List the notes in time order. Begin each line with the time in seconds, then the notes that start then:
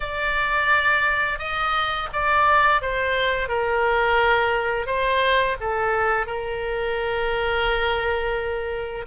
0.00 D5
1.38 D#5
2.12 D5
2.81 C5
3.48 A#4
4.86 C5
5.60 A4
6.26 A#4